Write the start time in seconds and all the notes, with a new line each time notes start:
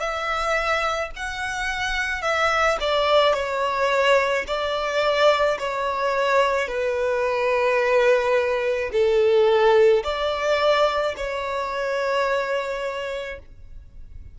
0.00 E5
1.17 F#5
2.22 E5
2.81 D5
3.34 C#5
4.47 D5
5.59 C#5
6.69 B4
8.92 A4
10.04 D5
11.17 C#5